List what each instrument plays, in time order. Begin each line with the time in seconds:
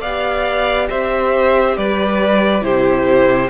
0.00 cello B3, viola G4, violin D5 F5
0.89 cello C4, violin C5 E5
1.76 cello G3, violin B4 D5
2.61 cello C3, viola E4, violin G4 C5